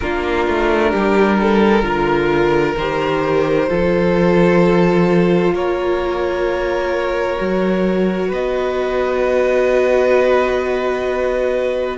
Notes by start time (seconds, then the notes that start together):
0.00 A#3 D4 F4 A#4
0.47 A3
0.90 G3 G4
1.40 A4
1.82 D3 F4 A#4
2.77 D#3 G4 C5
3.68 F3 F4 A4
5.52 A#3 A#4 C#5
7.38 F#3 F#4
8.28 B3 B4 D#5